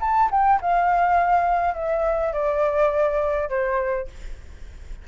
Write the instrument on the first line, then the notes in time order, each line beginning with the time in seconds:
flute
0.00 A5
0.30 G5
0.61 F5
1.74 E5
2.32 D5
3.49 C5